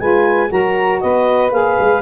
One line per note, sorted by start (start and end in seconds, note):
0.00 0.51 G#3
0.00 0.48 F4
0.00 0.51 B4
0.00 0.51 G#5
0.48 1.03 F#3
0.48 1.50 F#4
0.48 1.02 A#4
0.48 1.01 A#5
1.01 1.52 B3
1.01 2.02 B4
1.01 1.52 D#5
1.51 1.77 A#3
1.51 2.02 G#4
1.51 2.02 F5
1.80 2.02 G#3